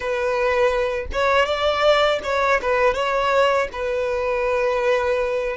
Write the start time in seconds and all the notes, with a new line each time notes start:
0.00 B4
1.12 C#5
1.45 D5
2.23 C#5
2.61 B4
2.94 C#5
3.72 B4